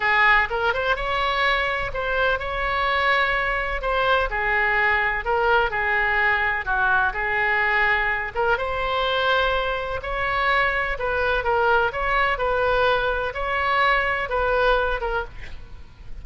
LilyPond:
\new Staff \with { instrumentName = "oboe" } { \time 4/4 \tempo 4 = 126 gis'4 ais'8 c''8 cis''2 | c''4 cis''2. | c''4 gis'2 ais'4 | gis'2 fis'4 gis'4~ |
gis'4. ais'8 c''2~ | c''4 cis''2 b'4 | ais'4 cis''4 b'2 | cis''2 b'4. ais'8 | }